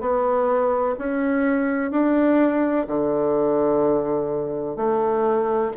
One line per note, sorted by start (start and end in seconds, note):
0.00 0.95 B3
0.98 1.90 C#4
1.90 2.86 D4
2.87 4.76 D3
4.76 5.71 A3